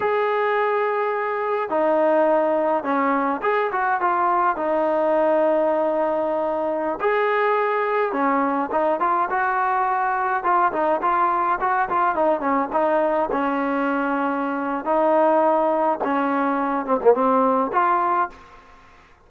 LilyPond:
\new Staff \with { instrumentName = "trombone" } { \time 4/4 \tempo 4 = 105 gis'2. dis'4~ | dis'4 cis'4 gis'8 fis'8 f'4 | dis'1~ | dis'16 gis'2 cis'4 dis'8 f'16~ |
f'16 fis'2 f'8 dis'8 f'8.~ | f'16 fis'8 f'8 dis'8 cis'8 dis'4 cis'8.~ | cis'2 dis'2 | cis'4. c'16 ais16 c'4 f'4 | }